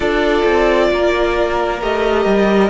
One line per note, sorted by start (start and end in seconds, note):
0.00 0.43 D4
0.00 1.80 F4
0.00 0.88 A4
0.00 1.81 D5
0.45 0.90 C4
0.91 1.81 A#3
0.91 2.69 A#4
1.80 2.25 A3
1.80 2.69 G4
1.80 2.69 D#5
2.25 2.69 G3